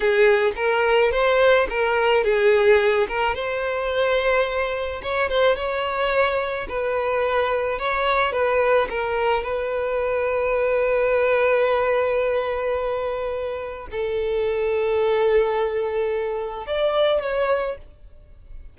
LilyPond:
\new Staff \with { instrumentName = "violin" } { \time 4/4 \tempo 4 = 108 gis'4 ais'4 c''4 ais'4 | gis'4. ais'8 c''2~ | c''4 cis''8 c''8 cis''2 | b'2 cis''4 b'4 |
ais'4 b'2.~ | b'1~ | b'4 a'2.~ | a'2 d''4 cis''4 | }